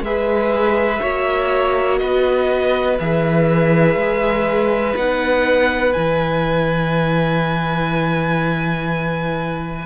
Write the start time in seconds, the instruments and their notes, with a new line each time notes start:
0.00 cello G#3, viola G#4, violin B4 E5
1.00 cello A#3, viola F#4, violin C#5
1.98 cello B3, violin B4 D#5
2.99 cello E3, viola G#4, violin E5
3.95 cello G#3
4.95 cello B3, viola D#4, violin F#5
5.93 cello E3, viola E4, violin G#5